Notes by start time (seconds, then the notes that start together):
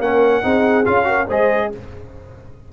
0.00 A#3 C#4 A#4 F#5
0.43 C4 D#4 G#4
0.85 C#4 F4 F5
1.04 F#4 A#4
1.27 G#3 G#4 C5 D#5